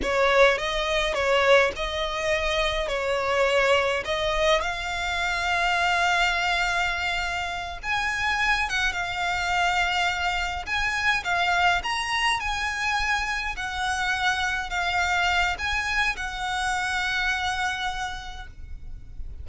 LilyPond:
\new Staff \with { instrumentName = "violin" } { \time 4/4 \tempo 4 = 104 cis''4 dis''4 cis''4 dis''4~ | dis''4 cis''2 dis''4 | f''1~ | f''4. gis''4. fis''8 f''8~ |
f''2~ f''8 gis''4 f''8~ | f''8 ais''4 gis''2 fis''8~ | fis''4. f''4. gis''4 | fis''1 | }